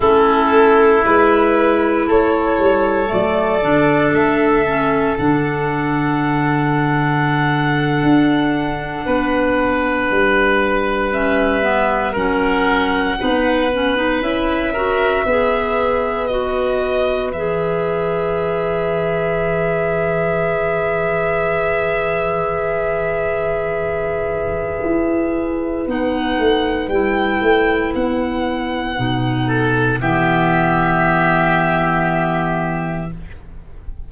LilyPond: <<
  \new Staff \with { instrumentName = "violin" } { \time 4/4 \tempo 4 = 58 a'4 b'4 cis''4 d''4 | e''4 fis''2.~ | fis''2~ fis''8. e''4 fis''16~ | fis''4.~ fis''16 e''2 dis''16~ |
dis''8. e''2.~ e''16~ | e''1~ | e''4 fis''4 g''4 fis''4~ | fis''4 e''2. | }
  \new Staff \with { instrumentName = "oboe" } { \time 4/4 e'2 a'2~ | a'1~ | a'8. b'2. ais'16~ | ais'8. b'4. ais'8 b'4~ b'16~ |
b'1~ | b'1~ | b'1~ | b'8 a'8 g'2. | }
  \new Staff \with { instrumentName = "clarinet" } { \time 4/4 cis'4 e'2 a8 d'8~ | d'8 cis'8 d'2.~ | d'2~ d'8. cis'8 b8 cis'16~ | cis'8. dis'8 cis'16 dis'16 e'8 fis'8 gis'4 fis'16~ |
fis'8. gis'2.~ gis'16~ | gis'1~ | gis'4 dis'4 e'2 | dis'4 b2. | }
  \new Staff \with { instrumentName = "tuba" } { \time 4/4 a4 gis4 a8 g8 fis8 d8 | a4 d2~ d8. d'16~ | d'8. b4 g2 fis16~ | fis8. b4 cis'4 b4~ b16~ |
b8. e2.~ e16~ | e1 | e'4 b8 a8 g8 a8 b4 | b,4 e2. | }
>>